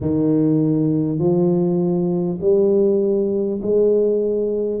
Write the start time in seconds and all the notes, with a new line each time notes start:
0.01 D#3
1.18 F3
2.40 G3
3.62 G#3